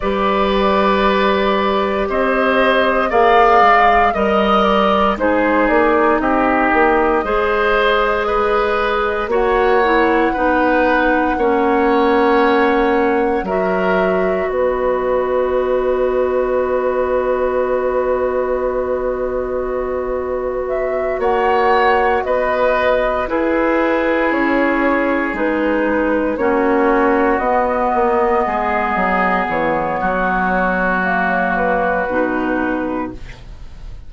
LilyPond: <<
  \new Staff \with { instrumentName = "flute" } { \time 4/4 \tempo 4 = 58 d''2 dis''4 f''4 | dis''8 d''8 c''8 d''8 dis''2~ | dis''4 fis''2.~ | fis''4 e''4 dis''2~ |
dis''1 | e''8 fis''4 dis''4 b'4 cis''8~ | cis''8 b'4 cis''4 dis''4.~ | dis''8 cis''2 b'4. | }
  \new Staff \with { instrumentName = "oboe" } { \time 4/4 b'2 c''4 d''4 | dis''4 gis'4 g'4 c''4 | b'4 cis''4 b'4 cis''4~ | cis''4 ais'4 b'2~ |
b'1~ | b'8 cis''4 b'4 gis'4.~ | gis'4. fis'2 gis'8~ | gis'4 fis'2. | }
  \new Staff \with { instrumentName = "clarinet" } { \time 4/4 g'2. gis'4 | ais'4 dis'2 gis'4~ | gis'4 fis'8 e'8 dis'4 cis'4~ | cis'4 fis'2.~ |
fis'1~ | fis'2~ fis'8 e'4.~ | e'8 dis'4 cis'4 b4.~ | b2 ais4 dis'4 | }
  \new Staff \with { instrumentName = "bassoon" } { \time 4/4 g2 c'4 ais8 gis8 | g4 gis8 ais8 c'8 ais8 gis4~ | gis4 ais4 b4 ais4~ | ais4 fis4 b2~ |
b1~ | b8 ais4 b4 e'4 cis'8~ | cis'8 gis4 ais4 b8 ais8 gis8 | fis8 e8 fis2 b,4 | }
>>